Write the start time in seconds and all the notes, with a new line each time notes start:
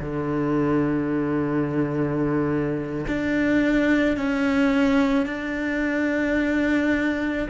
0.00 D3
3.08 D4
4.17 C#4
5.26 D4